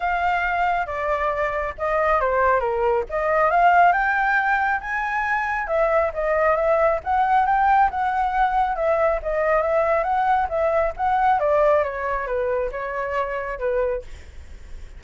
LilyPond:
\new Staff \with { instrumentName = "flute" } { \time 4/4 \tempo 4 = 137 f''2 d''2 | dis''4 c''4 ais'4 dis''4 | f''4 g''2 gis''4~ | gis''4 e''4 dis''4 e''4 |
fis''4 g''4 fis''2 | e''4 dis''4 e''4 fis''4 | e''4 fis''4 d''4 cis''4 | b'4 cis''2 b'4 | }